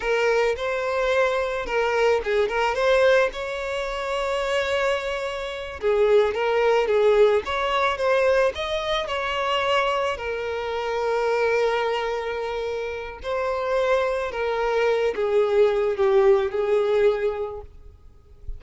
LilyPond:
\new Staff \with { instrumentName = "violin" } { \time 4/4 \tempo 4 = 109 ais'4 c''2 ais'4 | gis'8 ais'8 c''4 cis''2~ | cis''2~ cis''8 gis'4 ais'8~ | ais'8 gis'4 cis''4 c''4 dis''8~ |
dis''8 cis''2 ais'4.~ | ais'1 | c''2 ais'4. gis'8~ | gis'4 g'4 gis'2 | }